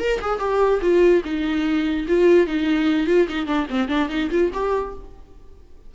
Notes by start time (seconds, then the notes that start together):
0.00 A#4
0.22 G#4
0.40 G4
0.82 F4
1.25 D#4
2.08 F4
2.47 D#4
3.07 F4
3.29 D#4
3.47 D4
3.70 C4
3.89 D4
4.10 D#4
4.31 F4
4.54 G4